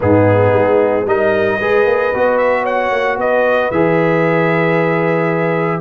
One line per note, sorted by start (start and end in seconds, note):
0.00 0.53 G#2
0.00 1.06 B3
0.00 1.04 D#4
0.00 1.08 G#4
0.53 1.05 G#3
1.04 1.58 G3
1.04 1.60 D#4
1.04 1.57 A#4
1.04 2.37 D#5
1.59 1.85 G#3
1.59 2.13 G#4
1.59 2.62 B4
1.85 2.12 A#3
2.14 2.91 B3
2.14 3.72 F#4
2.37 2.64 E5
2.62 3.15 C#5
2.62 3.18 F#5
2.91 3.17 A#3
3.17 3.70 B3
3.17 5.80 B4
3.17 3.71 D#5
3.71 5.80 E3
3.71 5.80 G#4
3.71 5.80 E5